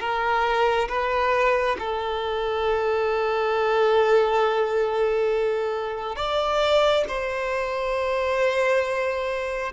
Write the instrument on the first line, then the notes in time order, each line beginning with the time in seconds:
violin
0.00 A#4
0.89 B4
1.79 A4
6.16 D5
7.08 C5